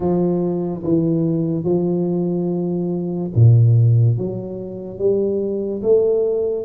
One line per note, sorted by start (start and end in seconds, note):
0.00 0.82 F3
0.83 1.64 E3
1.64 3.30 F3
3.35 4.17 A#2
4.17 4.98 F#3
4.98 5.81 G3
5.82 6.64 A3